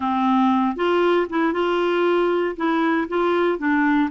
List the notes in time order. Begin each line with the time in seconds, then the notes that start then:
0.00 C4
0.76 F4
1.29 E4
1.53 F4
2.56 E4
3.08 F4
3.58 D4